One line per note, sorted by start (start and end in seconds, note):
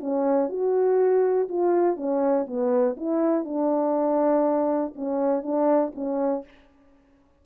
0.00 0.49 C#4
0.49 1.48 F#4
1.49 1.97 F4
1.97 2.46 C#4
2.47 2.96 B3
2.97 3.45 E4
3.45 4.93 D4
4.95 5.43 C#4
5.43 5.92 D4
5.95 6.44 C#4